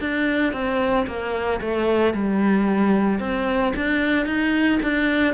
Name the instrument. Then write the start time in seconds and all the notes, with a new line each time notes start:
cello
0.00 D4
0.53 C4
1.07 A#3
1.60 A3
2.13 G3
3.19 C4
3.75 D4
4.26 D#4
4.83 D4